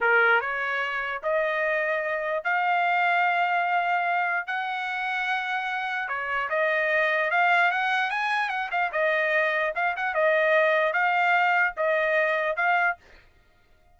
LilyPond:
\new Staff \with { instrumentName = "trumpet" } { \time 4/4 \tempo 4 = 148 ais'4 cis''2 dis''4~ | dis''2 f''2~ | f''2. fis''4~ | fis''2. cis''4 |
dis''2 f''4 fis''4 | gis''4 fis''8 f''8 dis''2 | f''8 fis''8 dis''2 f''4~ | f''4 dis''2 f''4 | }